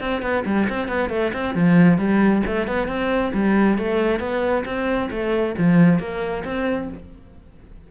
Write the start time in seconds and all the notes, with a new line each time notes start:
0.00 C4
0.22 B3
0.46 G3
0.69 C4
0.88 B3
1.10 A3
1.33 C4
1.55 F3
1.98 G3
2.46 A3
2.67 B3
2.88 C4
3.34 G3
3.78 A3
4.20 B3
4.65 C4
5.11 A3
5.58 F3
5.99 A#3
6.44 C4